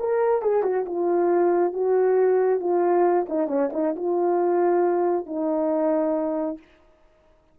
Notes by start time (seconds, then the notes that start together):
0.00 A#4
0.42 G#4
0.63 F#4
0.86 F4
1.73 F#4
2.60 F4
3.29 D#4
3.48 C#4
3.73 D#4
3.96 F4
5.26 D#4